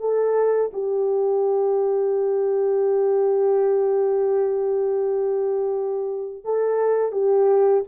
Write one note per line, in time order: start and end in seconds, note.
0.00 0.71 A4
0.74 6.44 G4
6.44 7.12 A4
7.12 7.84 G4